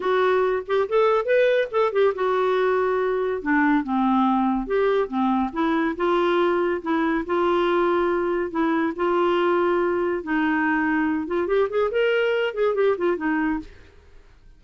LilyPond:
\new Staff \with { instrumentName = "clarinet" } { \time 4/4 \tempo 4 = 141 fis'4. g'8 a'4 b'4 | a'8 g'8 fis'2. | d'4 c'2 g'4 | c'4 e'4 f'2 |
e'4 f'2. | e'4 f'2. | dis'2~ dis'8 f'8 g'8 gis'8 | ais'4. gis'8 g'8 f'8 dis'4 | }